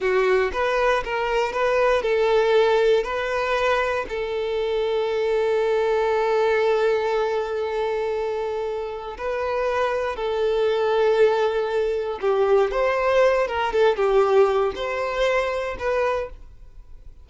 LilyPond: \new Staff \with { instrumentName = "violin" } { \time 4/4 \tempo 4 = 118 fis'4 b'4 ais'4 b'4 | a'2 b'2 | a'1~ | a'1~ |
a'2 b'2 | a'1 | g'4 c''4. ais'8 a'8 g'8~ | g'4 c''2 b'4 | }